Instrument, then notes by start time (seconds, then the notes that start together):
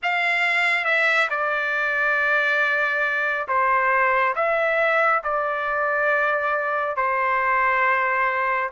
trumpet
0.02 F5
0.85 E5
1.30 D5
3.47 C5
4.35 E5
5.23 D5
6.96 C5